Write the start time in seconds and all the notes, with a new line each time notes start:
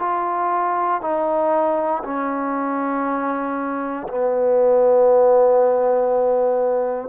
0.00 F4
1.02 D#4
2.05 C#4
4.09 B3